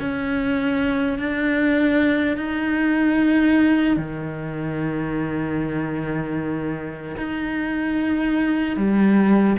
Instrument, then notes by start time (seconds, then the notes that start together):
cello
0.00 C#4
1.19 D4
2.37 D#4
3.97 D#3
7.17 D#4
8.77 G3